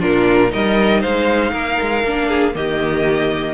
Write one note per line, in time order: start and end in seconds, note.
0.00 0.53 A#2
0.00 0.50 D4
0.00 0.51 F4
0.00 0.52 A#4
0.50 1.04 G3
0.50 2.02 D#4
0.50 1.01 A#4
0.50 1.02 D#5
1.01 1.52 G#3
1.01 1.51 C5
1.01 2.55 F5
1.52 1.77 A#3
1.52 2.28 A#4
1.81 2.04 G#3
2.04 2.55 A#3
2.04 2.54 D4
2.28 2.54 G#4
2.54 3.53 D#3
2.54 3.53 A#3
2.54 3.53 G4
2.54 3.53 D#5